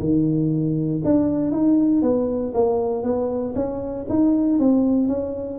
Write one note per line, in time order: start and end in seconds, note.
0.00 1.02 D#3
1.04 1.51 D4
1.51 2.02 D#4
2.02 2.53 B3
2.54 3.03 A#3
3.03 3.54 B3
3.55 4.06 C#4
4.09 4.59 D#4
4.59 5.08 C4
5.08 5.59 C#4